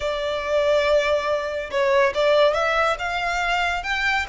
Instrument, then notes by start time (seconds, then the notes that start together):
violin
0.00 D5
1.70 C#5
2.14 D5
2.53 E5
2.99 F5
3.83 G5